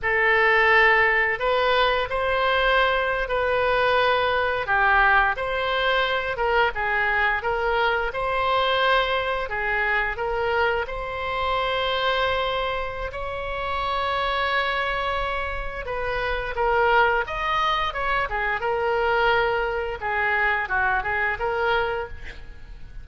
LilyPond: \new Staff \with { instrumentName = "oboe" } { \time 4/4 \tempo 4 = 87 a'2 b'4 c''4~ | c''8. b'2 g'4 c''16~ | c''4~ c''16 ais'8 gis'4 ais'4 c''16~ | c''4.~ c''16 gis'4 ais'4 c''16~ |
c''2. cis''4~ | cis''2. b'4 | ais'4 dis''4 cis''8 gis'8 ais'4~ | ais'4 gis'4 fis'8 gis'8 ais'4 | }